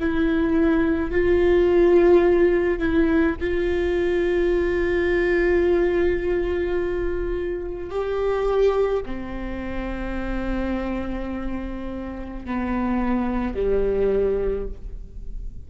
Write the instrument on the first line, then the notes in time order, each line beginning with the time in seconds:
viola
0.00 E4
1.11 F4
2.79 E4
3.40 F4
7.90 G4
9.06 C4
12.46 B3
13.54 G3